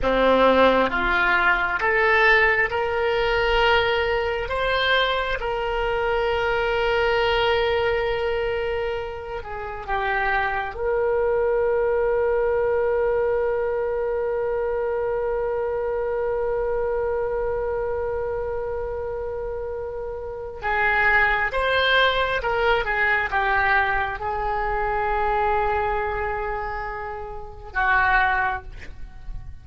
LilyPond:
\new Staff \with { instrumentName = "oboe" } { \time 4/4 \tempo 4 = 67 c'4 f'4 a'4 ais'4~ | ais'4 c''4 ais'2~ | ais'2~ ais'8 gis'8 g'4 | ais'1~ |
ais'1~ | ais'2. gis'4 | c''4 ais'8 gis'8 g'4 gis'4~ | gis'2. fis'4 | }